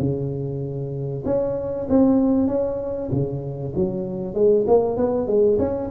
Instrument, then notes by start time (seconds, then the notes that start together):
tuba
0.00 C#3
1.26 C#4
1.90 C4
2.48 C#4
3.12 C#3
3.76 F#3
4.35 G#3
4.68 A#3
4.97 B3
5.27 G#3
5.59 C#4